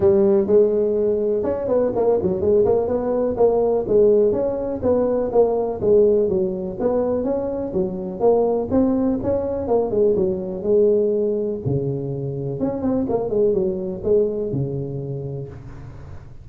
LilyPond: \new Staff \with { instrumentName = "tuba" } { \time 4/4 \tempo 4 = 124 g4 gis2 cis'8 b8 | ais8 fis8 gis8 ais8 b4 ais4 | gis4 cis'4 b4 ais4 | gis4 fis4 b4 cis'4 |
fis4 ais4 c'4 cis'4 | ais8 gis8 fis4 gis2 | cis2 cis'8 c'8 ais8 gis8 | fis4 gis4 cis2 | }